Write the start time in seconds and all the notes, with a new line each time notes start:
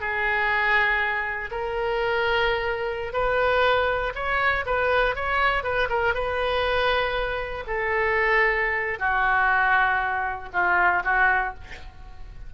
0.00 G#4
1.51 A#4
3.13 B4
4.15 C#5
4.66 B4
5.15 C#5
5.63 B4
5.90 A#4
6.14 B4
7.67 A4
8.99 F#4
10.53 F4
11.04 F#4